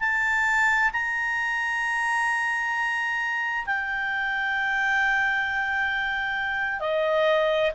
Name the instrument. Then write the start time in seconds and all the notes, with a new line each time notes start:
clarinet
0.00 A5
0.93 A#5
3.66 G5
6.80 D#5